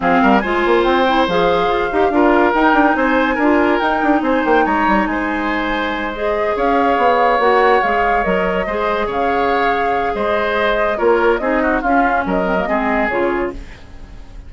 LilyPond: <<
  \new Staff \with { instrumentName = "flute" } { \time 4/4 \tempo 4 = 142 f''4 gis''4 g''4 f''4~ | f''2 g''4 gis''4~ | gis''4 g''4 gis''8 g''8 ais''4 | gis''2~ gis''8 dis''4 f''8~ |
f''4. fis''4 f''4 dis''8~ | dis''4. f''2~ f''8 | dis''2 cis''4 dis''4 | f''4 dis''2 cis''4 | }
  \new Staff \with { instrumentName = "oboe" } { \time 4/4 gis'8 ais'8 c''2.~ | c''4 ais'2 c''4 | ais'2 c''4 cis''4 | c''2.~ c''8 cis''8~ |
cis''1~ | cis''8 c''4 cis''2~ cis''8 | c''2 ais'4 gis'8 fis'8 | f'4 ais'4 gis'2 | }
  \new Staff \with { instrumentName = "clarinet" } { \time 4/4 c'4 f'4. e'8 gis'4~ | gis'8 g'8 f'4 dis'2 | f'4 dis'2.~ | dis'2~ dis'8 gis'4.~ |
gis'4. fis'4 gis'4 ais'8~ | ais'8 gis'2.~ gis'8~ | gis'2 f'4 dis'4 | cis'4. c'16 ais16 c'4 f'4 | }
  \new Staff \with { instrumentName = "bassoon" } { \time 4/4 f8 g8 gis8 ais8 c'4 f4 | f'8 dis'8 d'4 dis'8 d'8 c'4 | d'4 dis'8 d'8 c'8 ais8 gis8 g8 | gis2.~ gis8 cis'8~ |
cis'8 b4 ais4 gis4 fis8~ | fis8 gis4 cis2~ cis8 | gis2 ais4 c'4 | cis'4 fis4 gis4 cis4 | }
>>